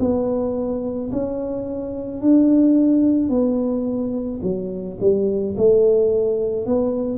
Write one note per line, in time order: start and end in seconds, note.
0.00 1.11 B3
1.12 2.21 C#4
2.21 3.29 D4
3.29 4.40 B3
4.43 4.98 F#3
5.01 5.56 G3
5.58 6.66 A3
6.66 7.19 B3